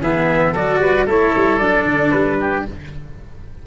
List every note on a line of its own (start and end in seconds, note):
0.00 0.53 E3
0.00 0.55 B3
0.00 0.52 G#4
0.00 0.55 E5
0.52 0.78 F#3
0.52 1.07 F#4
0.52 0.78 A4
0.52 1.08 D5
0.78 1.04 G3
0.78 1.05 B4
1.05 1.33 A3
1.05 1.60 E4
1.05 2.37 A4
1.05 1.58 C#5
1.36 1.60 G3
1.58 1.85 F#3
1.58 2.65 D4
1.58 2.11 D5
1.85 2.11 D3
2.11 2.65 G3
2.11 2.63 B4
2.40 2.66 G4